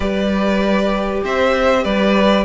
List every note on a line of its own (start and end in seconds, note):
0.00 1.21 G3
0.00 2.45 G4
0.00 1.24 B4
0.00 1.23 D5
1.24 1.84 C4
1.24 1.83 C5
1.24 1.84 E5
1.83 2.45 G3
1.83 2.45 B4
1.83 2.45 D5